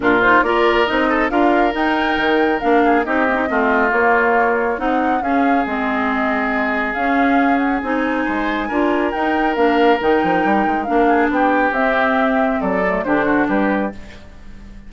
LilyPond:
<<
  \new Staff \with { instrumentName = "flute" } { \time 4/4 \tempo 4 = 138 ais'8 c''8 d''4 dis''4 f''4 | g''2 f''4 dis''4~ | dis''4 cis''2 fis''4 | f''4 dis''2. |
f''4. fis''8 gis''2~ | gis''4 g''4 f''4 g''4~ | g''4 f''4 g''4 e''4~ | e''4 d''4 c''4 b'4 | }
  \new Staff \with { instrumentName = "oboe" } { \time 4/4 f'4 ais'4. a'8 ais'4~ | ais'2~ ais'8 gis'8 g'4 | f'2. dis'4 | gis'1~ |
gis'2. c''4 | ais'1~ | ais'4. gis'8 g'2~ | g'4 a'4 g'8 fis'8 g'4 | }
  \new Staff \with { instrumentName = "clarinet" } { \time 4/4 d'8 dis'8 f'4 dis'4 f'4 | dis'2 d'4 dis'8 ais16 dis'16 | c'4 ais2 dis'4 | cis'4 c'2. |
cis'2 dis'2 | f'4 dis'4 d'4 dis'4~ | dis'4 d'2 c'4~ | c'4. a8 d'2 | }
  \new Staff \with { instrumentName = "bassoon" } { \time 4/4 ais,4 ais4 c'4 d'4 | dis'4 dis4 ais4 c'4 | a4 ais2 c'4 | cis'4 gis2. |
cis'2 c'4 gis4 | d'4 dis'4 ais4 dis8 f8 | g8 gis8 ais4 b4 c'4~ | c'4 fis4 d4 g4 | }
>>